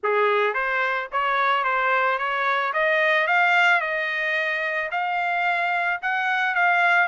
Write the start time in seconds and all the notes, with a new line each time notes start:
0.03 G#4
0.54 C5
1.12 C#5
1.64 C5
2.18 C#5
2.73 D#5
3.27 F5
3.81 D#5
4.91 F5
6.02 F#5
6.54 F5